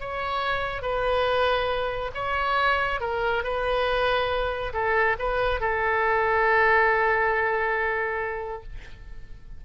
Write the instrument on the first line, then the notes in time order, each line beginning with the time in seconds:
oboe
0.00 C#5
0.82 B4
2.14 C#5
3.00 A#4
3.43 B4
4.73 A4
5.19 B4
5.60 A4